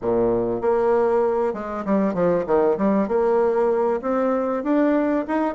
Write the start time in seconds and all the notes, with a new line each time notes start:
0.01 A#2
0.61 A#3
1.53 G#3
1.85 G3
2.14 F3
2.46 D#3
2.77 G3
3.08 A#3
4.01 C4
4.63 D4
5.27 D#4